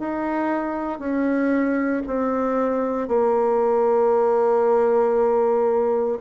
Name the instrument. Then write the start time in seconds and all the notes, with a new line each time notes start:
bassoon
0.00 D#4
1.00 C#4
2.07 C4
3.08 A#3